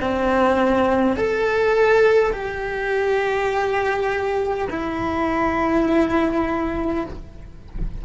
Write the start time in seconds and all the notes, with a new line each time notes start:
0.00 C4
1.16 A4
2.33 G4
4.70 E4